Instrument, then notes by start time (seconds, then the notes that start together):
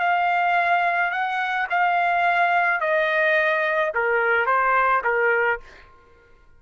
trumpet
0.00 F5
1.12 F#5
1.70 F5
2.81 D#5
3.95 A#4
4.47 C5
5.04 A#4